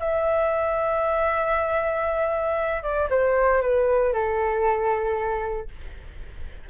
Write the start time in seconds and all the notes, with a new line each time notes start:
0.00 E5
2.83 D5
3.10 C5
3.62 B4
4.14 A4